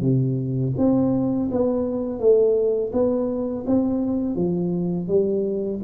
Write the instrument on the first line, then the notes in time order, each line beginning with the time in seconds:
tuba
0.00 C3
0.77 C4
1.51 B3
2.19 A3
2.92 B3
3.66 C4
4.35 F3
5.07 G3